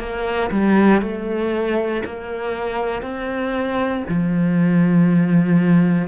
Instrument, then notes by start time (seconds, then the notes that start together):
cello
0.00 A#3
0.51 G3
1.02 A3
2.05 A#3
3.02 C4
4.09 F3